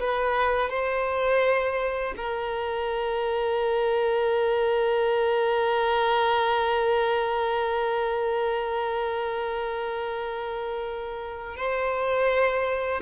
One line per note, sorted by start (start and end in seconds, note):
0.00 0.69 B4
0.69 2.14 C5
2.17 11.56 A#4
11.56 13.01 C5